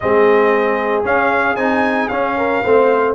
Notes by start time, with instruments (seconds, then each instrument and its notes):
0.00 tuba G#3, trombone C4, horn G#4, trumpet D#5
1.04 trombone C#4, tuba C#4, trumpet F5
1.56 tuba C4, trombone D#4, trumpet G#5
2.08 tuba C#4, trombone C#4, trumpet F5
2.37 horn A#4
2.63 tuba A3, trombone C4, horn C5